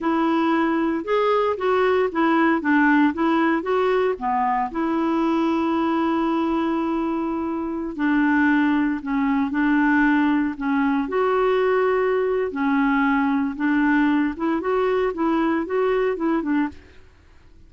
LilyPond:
\new Staff \with { instrumentName = "clarinet" } { \time 4/4 \tempo 4 = 115 e'2 gis'4 fis'4 | e'4 d'4 e'4 fis'4 | b4 e'2.~ | e'2.~ e'16 d'8.~ |
d'4~ d'16 cis'4 d'4.~ d'16~ | d'16 cis'4 fis'2~ fis'8. | cis'2 d'4. e'8 | fis'4 e'4 fis'4 e'8 d'8 | }